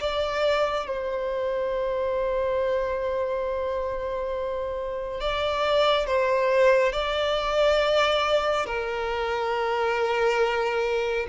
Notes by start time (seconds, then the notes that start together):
0.00 D5
0.87 C5
5.20 D5
6.06 C5
6.92 D5
8.66 A#4